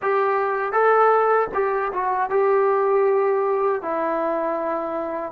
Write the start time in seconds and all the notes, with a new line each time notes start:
0.01 G4
0.72 A4
1.54 G4
1.92 F#4
2.30 G4
3.81 E4